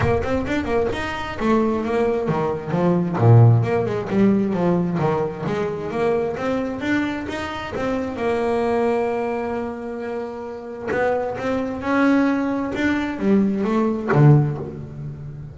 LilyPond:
\new Staff \with { instrumentName = "double bass" } { \time 4/4 \tempo 4 = 132 ais8 c'8 d'8 ais8 dis'4 a4 | ais4 dis4 f4 ais,4 | ais8 gis8 g4 f4 dis4 | gis4 ais4 c'4 d'4 |
dis'4 c'4 ais2~ | ais1 | b4 c'4 cis'2 | d'4 g4 a4 d4 | }